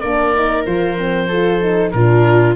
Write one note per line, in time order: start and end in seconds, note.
0.00 0.66 A#3
0.00 0.35 D4
0.00 1.28 A#4
0.00 0.64 D5
0.35 0.66 D#4
0.66 1.94 F3
0.66 0.98 F4
0.66 1.91 C5
0.98 1.30 C4
1.28 1.61 F4
1.28 1.92 A4
1.61 1.93 D#4
1.91 2.56 A#2
1.91 2.56 D4
1.91 2.56 F4
1.91 2.55 A#4